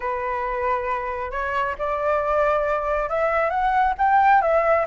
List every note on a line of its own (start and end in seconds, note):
0.00 1.31 B4
1.31 1.75 C#5
1.78 3.09 D5
3.09 3.50 E5
3.50 3.94 F#5
3.98 4.41 G5
4.41 4.85 E5